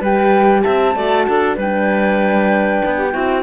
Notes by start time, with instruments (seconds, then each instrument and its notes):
0.00 cello G3, horn G4, clarinet B4, flute G5
0.62 cello C4, clarinet E5, flute A5
0.95 cello A3, horn F#4, clarinet D5
1.28 cello D4, clarinet A4
1.56 cello G3, horn D4, clarinet B4, flute G5
2.85 cello B3
2.97 clarinet G4
3.12 cello C4, horn E4, clarinet F#4